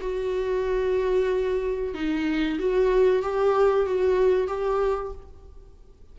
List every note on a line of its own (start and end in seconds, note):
0.00 1.94 F#4
1.94 2.58 D#4
2.59 3.22 F#4
3.22 3.86 G4
3.86 4.47 F#4
4.47 5.11 G4